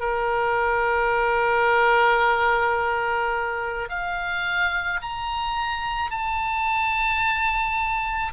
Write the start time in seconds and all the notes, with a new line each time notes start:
0.00 A#4
3.89 F5
5.02 A#5
6.11 A5